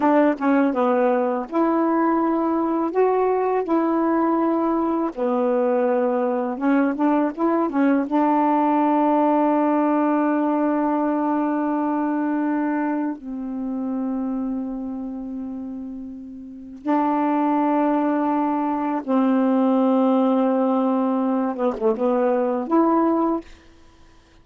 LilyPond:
\new Staff \with { instrumentName = "saxophone" } { \time 4/4 \tempo 4 = 82 d'8 cis'8 b4 e'2 | fis'4 e'2 b4~ | b4 cis'8 d'8 e'8 cis'8 d'4~ | d'1~ |
d'2 c'2~ | c'2. d'4~ | d'2 c'2~ | c'4. b16 a16 b4 e'4 | }